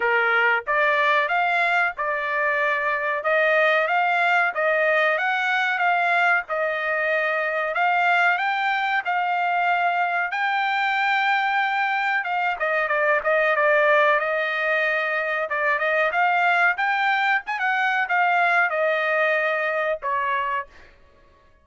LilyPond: \new Staff \with { instrumentName = "trumpet" } { \time 4/4 \tempo 4 = 93 ais'4 d''4 f''4 d''4~ | d''4 dis''4 f''4 dis''4 | fis''4 f''4 dis''2 | f''4 g''4 f''2 |
g''2. f''8 dis''8 | d''8 dis''8 d''4 dis''2 | d''8 dis''8 f''4 g''4 gis''16 fis''8. | f''4 dis''2 cis''4 | }